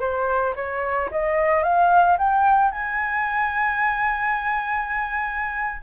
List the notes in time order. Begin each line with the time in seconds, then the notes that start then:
0.00 C5
0.56 C#5
1.12 D#5
1.63 F5
2.18 G5
2.72 G#5